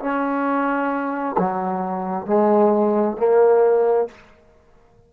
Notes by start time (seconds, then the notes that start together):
0.00 C#4
1.38 F#3
2.27 G#3
3.17 A#3